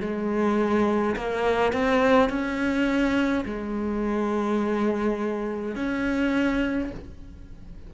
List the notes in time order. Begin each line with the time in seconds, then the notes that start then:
0.00 G#3
1.16 A#3
1.72 C4
2.29 C#4
3.45 G#3
5.75 C#4